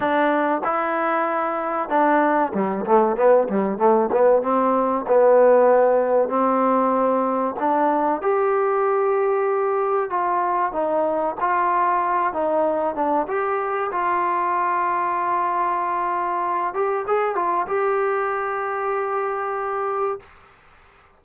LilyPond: \new Staff \with { instrumentName = "trombone" } { \time 4/4 \tempo 4 = 95 d'4 e'2 d'4 | g8 a8 b8 g8 a8 b8 c'4 | b2 c'2 | d'4 g'2. |
f'4 dis'4 f'4. dis'8~ | dis'8 d'8 g'4 f'2~ | f'2~ f'8 g'8 gis'8 f'8 | g'1 | }